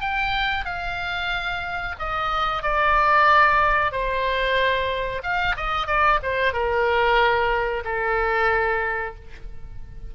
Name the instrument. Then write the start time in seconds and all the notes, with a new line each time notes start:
oboe
0.00 G5
0.64 F5
1.99 D#5
2.62 D5
3.91 C5
5.23 F5
5.56 D#5
5.86 D5
6.22 C5
6.52 A#4
7.84 A4